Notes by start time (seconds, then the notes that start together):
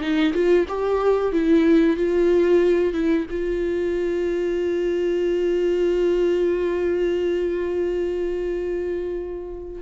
0.00 D#4
0.33 F4
0.68 G4
1.32 E4
1.96 F4
2.93 E4
3.30 F4